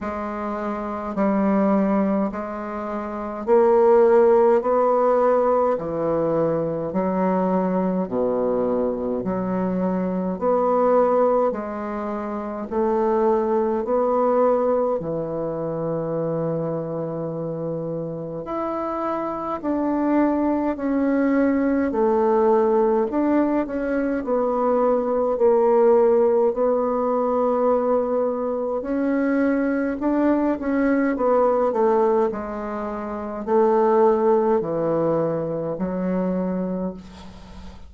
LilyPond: \new Staff \with { instrumentName = "bassoon" } { \time 4/4 \tempo 4 = 52 gis4 g4 gis4 ais4 | b4 e4 fis4 b,4 | fis4 b4 gis4 a4 | b4 e2. |
e'4 d'4 cis'4 a4 | d'8 cis'8 b4 ais4 b4~ | b4 cis'4 d'8 cis'8 b8 a8 | gis4 a4 e4 fis4 | }